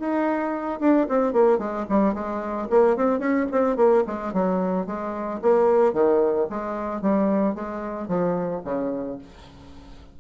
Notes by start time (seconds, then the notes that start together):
0.00 D#4
0.80 D4
1.09 C4
1.33 A#3
1.59 G#3
1.90 G3
2.14 G#3
2.70 A#3
2.97 C4
3.20 C#4
3.52 C4
3.77 A#3
4.07 G#3
4.34 F#3
4.87 G#3
5.43 A#3
5.94 D#3
6.50 G#3
7.02 G3
7.55 G#3
8.09 F3
8.65 C#3